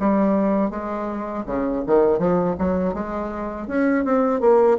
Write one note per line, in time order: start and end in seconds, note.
0.00 0.70 G3
0.70 1.44 G#3
1.46 1.84 C#3
1.87 2.19 D#3
2.19 2.56 F3
2.59 2.94 F#3
2.94 3.68 G#3
3.68 4.05 C#4
4.05 4.41 C4
4.41 4.78 A#3